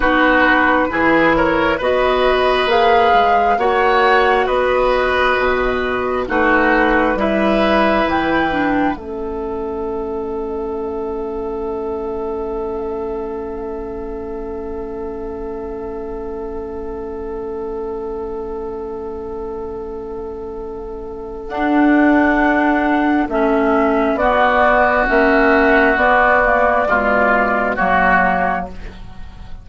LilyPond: <<
  \new Staff \with { instrumentName = "flute" } { \time 4/4 \tempo 4 = 67 b'4. cis''8 dis''4 f''4 | fis''4 dis''2 b'4 | e''4 g''4 e''2~ | e''1~ |
e''1~ | e''1 | fis''2 e''4 d''4 | e''4 d''2 cis''4 | }
  \new Staff \with { instrumentName = "oboe" } { \time 4/4 fis'4 gis'8 ais'8 b'2 | cis''4 b'2 fis'4 | b'2 a'2~ | a'1~ |
a'1~ | a'1~ | a'2. fis'4~ | fis'2 f'4 fis'4 | }
  \new Staff \with { instrumentName = "clarinet" } { \time 4/4 dis'4 e'4 fis'4 gis'4 | fis'2. dis'4 | e'4. d'8 cis'2~ | cis'1~ |
cis'1~ | cis'1 | d'2 cis'4 b4 | cis'4 b8 ais8 gis4 ais4 | }
  \new Staff \with { instrumentName = "bassoon" } { \time 4/4 b4 e4 b4 ais8 gis8 | ais4 b4 b,4 a4 | g4 e4 a2~ | a1~ |
a1~ | a1 | d'2 a4 b4 | ais4 b4 b,4 fis4 | }
>>